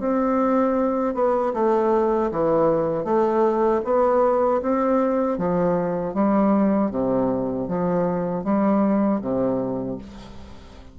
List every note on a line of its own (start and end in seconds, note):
0.00 1.15 C4
1.15 1.53 B3
1.54 2.31 A3
2.32 3.05 E3
3.05 3.81 A3
3.85 4.62 B3
4.62 5.38 C4
5.38 6.15 F3
6.15 6.91 G3
6.91 7.68 C3
7.69 8.44 F3
8.44 9.21 G3
9.22 9.99 C3